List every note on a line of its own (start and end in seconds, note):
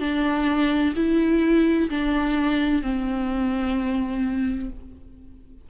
0.00 0.94 D4
0.96 1.90 E4
1.90 2.82 D4
2.82 4.70 C4